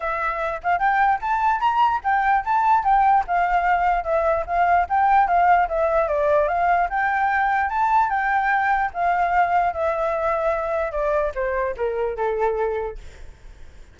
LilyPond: \new Staff \with { instrumentName = "flute" } { \time 4/4 \tempo 4 = 148 e''4. f''8 g''4 a''4 | ais''4 g''4 a''4 g''4 | f''2 e''4 f''4 | g''4 f''4 e''4 d''4 |
f''4 g''2 a''4 | g''2 f''2 | e''2. d''4 | c''4 ais'4 a'2 | }